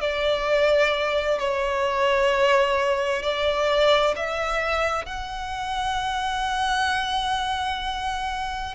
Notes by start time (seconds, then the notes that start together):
0.00 D5
1.38 C#5
3.23 D5
4.16 E5
5.06 F#5